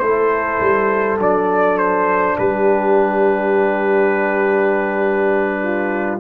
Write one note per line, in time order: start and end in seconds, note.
0.00 0.60 A3
0.00 1.20 E4
0.00 2.38 A4
0.00 1.18 C5
0.61 1.19 G3
1.19 2.37 F#3
1.19 6.20 D4
1.19 1.78 D5
1.78 2.37 C5
2.38 6.21 G3
2.38 5.63 G4
2.38 6.21 B4
5.63 6.21 F4